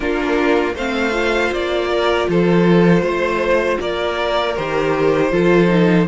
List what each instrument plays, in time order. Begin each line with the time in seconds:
0.00 cello A#3, viola D4, violin F4 A#4
0.74 cello A3, viola C4, violin C5 F5
1.11 viola F4
1.51 cello A#3, violin D5
1.89 violin A#4
2.28 cello F3, violin A4 C5
3.01 cello A3, violin C5
3.79 cello A#3, violin A#4 D5
4.56 cello D#3, viola G4, violin C5
5.31 cello F3, viola F4, violin A4
5.67 viola D#4